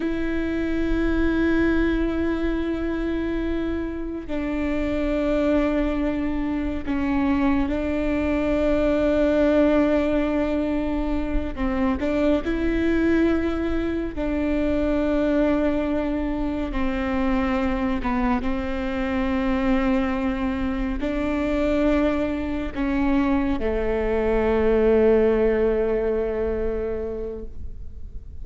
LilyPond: \new Staff \with { instrumentName = "viola" } { \time 4/4 \tempo 4 = 70 e'1~ | e'4 d'2. | cis'4 d'2.~ | d'4. c'8 d'8 e'4.~ |
e'8 d'2. c'8~ | c'4 b8 c'2~ c'8~ | c'8 d'2 cis'4 a8~ | a1 | }